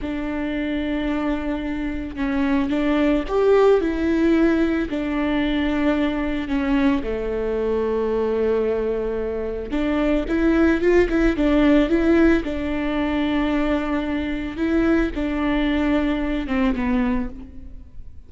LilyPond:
\new Staff \with { instrumentName = "viola" } { \time 4/4 \tempo 4 = 111 d'1 | cis'4 d'4 g'4 e'4~ | e'4 d'2. | cis'4 a2.~ |
a2 d'4 e'4 | f'8 e'8 d'4 e'4 d'4~ | d'2. e'4 | d'2~ d'8 c'8 b4 | }